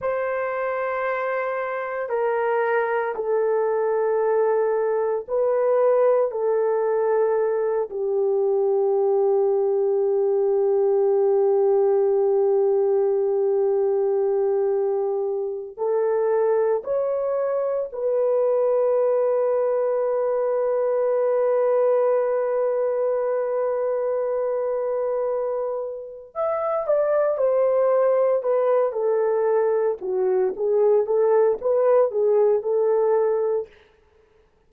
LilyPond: \new Staff \with { instrumentName = "horn" } { \time 4/4 \tempo 4 = 57 c''2 ais'4 a'4~ | a'4 b'4 a'4. g'8~ | g'1~ | g'2. a'4 |
cis''4 b'2.~ | b'1~ | b'4 e''8 d''8 c''4 b'8 a'8~ | a'8 fis'8 gis'8 a'8 b'8 gis'8 a'4 | }